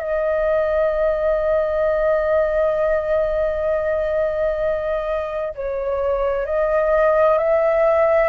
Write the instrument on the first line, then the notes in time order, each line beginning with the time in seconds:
flute
0.00 D#5
5.55 C#5
6.46 D#5
7.38 E5